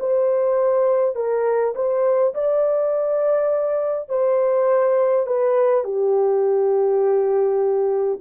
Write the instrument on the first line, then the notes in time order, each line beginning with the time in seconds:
horn
0.00 C5
1.16 A#4
1.75 C5
2.34 D5
4.10 C5
5.27 B4
5.84 G4